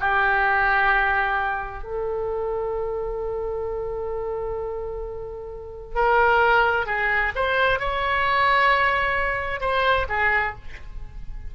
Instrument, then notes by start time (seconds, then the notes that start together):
oboe
0.00 G4
1.83 A4
5.95 A#4
6.86 G#4
7.35 C5
7.79 C#5
9.60 C5
10.09 G#4